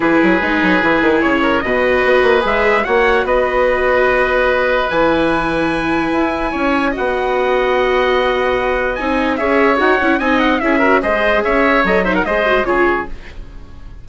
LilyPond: <<
  \new Staff \with { instrumentName = "trumpet" } { \time 4/4 \tempo 4 = 147 b'2. cis''4 | dis''2 e''4 fis''4 | dis''1 | gis''1~ |
gis''4 fis''2.~ | fis''2 gis''4 e''4 | fis''4 gis''8 fis''8 e''4 dis''4 | e''4 dis''8 e''16 fis''16 dis''4 cis''4 | }
  \new Staff \with { instrumentName = "oboe" } { \time 4/4 gis'2.~ gis'8 ais'8 | b'2. cis''4 | b'1~ | b'1 |
cis''4 dis''2.~ | dis''2. cis''4~ | cis''4 dis''4 gis'8 ais'8 c''4 | cis''4. c''16 ais'16 c''4 gis'4 | }
  \new Staff \with { instrumentName = "viola" } { \time 4/4 e'4 dis'4 e'2 | fis'2 gis'4 fis'4~ | fis'1 | e'1~ |
e'4 fis'2.~ | fis'2 dis'4 gis'4 | fis'8 e'8 dis'4 e'8 fis'8 gis'4~ | gis'4 a'8 dis'8 gis'8 fis'8 f'4 | }
  \new Staff \with { instrumentName = "bassoon" } { \time 4/4 e8 fis8 gis8 fis8 e8 dis8 cis4 | b,4 b8 ais8 gis4 ais4 | b1 | e2. e'4 |
cis'4 b2.~ | b2 c'4 cis'4 | dis'8 cis'8 c'4 cis'4 gis4 | cis'4 fis4 gis4 cis4 | }
>>